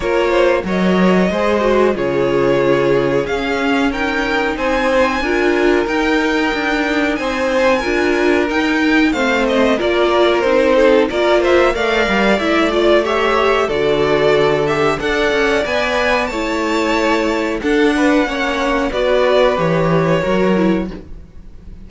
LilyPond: <<
  \new Staff \with { instrumentName = "violin" } { \time 4/4 \tempo 4 = 92 cis''4 dis''2 cis''4~ | cis''4 f''4 g''4 gis''4~ | gis''4 g''2 gis''4~ | gis''4 g''4 f''8 dis''8 d''4 |
c''4 d''8 e''8 f''4 e''8 d''8 | e''4 d''4. e''8 fis''4 | gis''4 a''2 fis''4~ | fis''4 d''4 cis''2 | }
  \new Staff \with { instrumentName = "violin" } { \time 4/4 ais'8 c''8 cis''4 c''4 gis'4~ | gis'2 ais'4 c''4 | ais'2. c''4 | ais'2 c''4 ais'4~ |
ais'8 a'8 ais'8 c''8 d''2 | cis''4 a'2 d''4~ | d''4 cis''2 a'8 b'8 | cis''4 b'2 ais'4 | }
  \new Staff \with { instrumentName = "viola" } { \time 4/4 f'4 ais'4 gis'8 fis'8 f'4~ | f'4 cis'4 dis'2 | f'4 dis'2. | f'4 dis'4 c'4 f'4 |
dis'4 f'4 ais'4 e'8 f'8 | g'4 fis'4. g'8 a'4 | b'4 e'2 d'4 | cis'4 fis'4 g'4 fis'8 e'8 | }
  \new Staff \with { instrumentName = "cello" } { \time 4/4 ais4 fis4 gis4 cis4~ | cis4 cis'2 c'4 | d'4 dis'4 d'4 c'4 | d'4 dis'4 a4 ais4 |
c'4 ais4 a8 g8 a4~ | a4 d2 d'8 cis'8 | b4 a2 d'4 | ais4 b4 e4 fis4 | }
>>